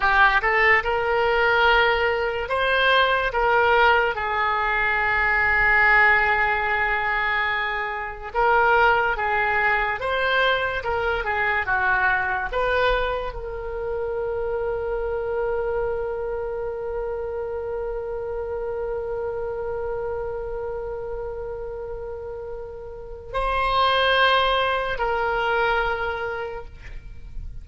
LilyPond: \new Staff \with { instrumentName = "oboe" } { \time 4/4 \tempo 4 = 72 g'8 a'8 ais'2 c''4 | ais'4 gis'2.~ | gis'2 ais'4 gis'4 | c''4 ais'8 gis'8 fis'4 b'4 |
ais'1~ | ais'1~ | ais'1 | c''2 ais'2 | }